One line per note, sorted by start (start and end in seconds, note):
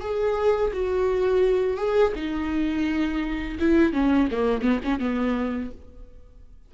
0.00 0.71 G#4
0.73 1.77 F#4
1.77 2.13 G#4
2.15 3.58 D#4
3.59 3.93 E4
3.93 4.28 C#4
4.31 4.62 A#3
4.62 4.80 B3
4.83 4.99 C#4
4.99 5.70 B3